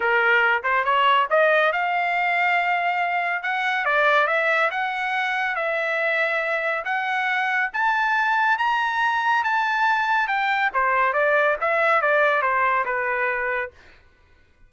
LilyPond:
\new Staff \with { instrumentName = "trumpet" } { \time 4/4 \tempo 4 = 140 ais'4. c''8 cis''4 dis''4 | f''1 | fis''4 d''4 e''4 fis''4~ | fis''4 e''2. |
fis''2 a''2 | ais''2 a''2 | g''4 c''4 d''4 e''4 | d''4 c''4 b'2 | }